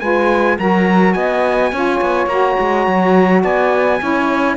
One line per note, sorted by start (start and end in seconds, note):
0.00 0.58 G#3
0.00 0.58 F4
0.00 0.57 B4
0.00 0.57 G#5
0.57 1.15 F#3
0.57 1.73 F#4
0.57 1.15 A#4
0.57 1.13 A#5
1.13 1.72 B3
1.13 1.72 D#5
1.13 2.27 G#5
1.72 2.01 C#4
1.72 2.29 F4
1.72 3.42 C#5
2.01 2.26 B3
2.26 2.55 A#3
2.26 4.00 F#4
2.26 3.43 A#5
2.60 2.87 G#3
2.87 3.44 F#3
3.42 4.01 B3
3.42 3.99 D5
3.42 4.57 G#5
4.00 4.57 C#4
4.00 4.57 E4
4.00 4.57 C#5